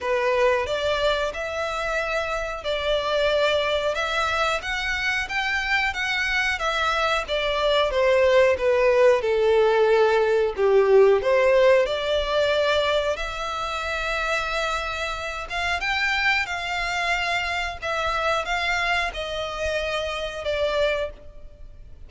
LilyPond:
\new Staff \with { instrumentName = "violin" } { \time 4/4 \tempo 4 = 91 b'4 d''4 e''2 | d''2 e''4 fis''4 | g''4 fis''4 e''4 d''4 | c''4 b'4 a'2 |
g'4 c''4 d''2 | e''2.~ e''8 f''8 | g''4 f''2 e''4 | f''4 dis''2 d''4 | }